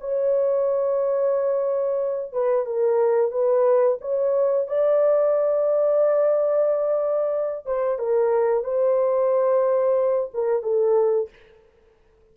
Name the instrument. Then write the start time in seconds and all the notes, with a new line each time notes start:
horn
0.00 C#5
2.32 B4
2.65 A#4
3.31 B4
4.01 C#5
4.67 D5
7.65 C5
7.98 A#4
8.63 C5
10.33 A#4
10.62 A4